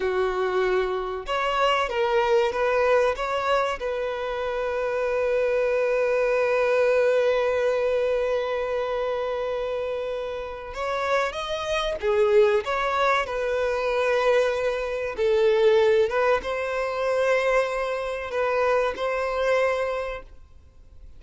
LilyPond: \new Staff \with { instrumentName = "violin" } { \time 4/4 \tempo 4 = 95 fis'2 cis''4 ais'4 | b'4 cis''4 b'2~ | b'1~ | b'1~ |
b'4 cis''4 dis''4 gis'4 | cis''4 b'2. | a'4. b'8 c''2~ | c''4 b'4 c''2 | }